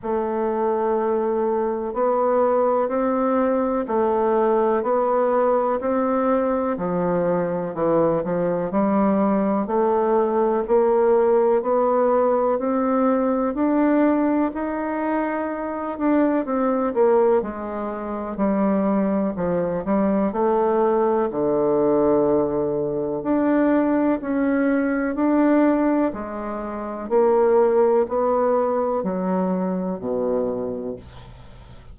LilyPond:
\new Staff \with { instrumentName = "bassoon" } { \time 4/4 \tempo 4 = 62 a2 b4 c'4 | a4 b4 c'4 f4 | e8 f8 g4 a4 ais4 | b4 c'4 d'4 dis'4~ |
dis'8 d'8 c'8 ais8 gis4 g4 | f8 g8 a4 d2 | d'4 cis'4 d'4 gis4 | ais4 b4 fis4 b,4 | }